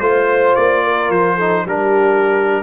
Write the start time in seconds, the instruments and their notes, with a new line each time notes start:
0.00 tuba A3, trombone F4, trumpet C5, horn C5
0.56 tuba A#3, trumpet D5
0.84 horn A#4
1.10 tuba F3, trumpet C5
1.36 trombone D#4, horn A4
1.65 tuba G3, trombone D4, horn G4, trumpet A#4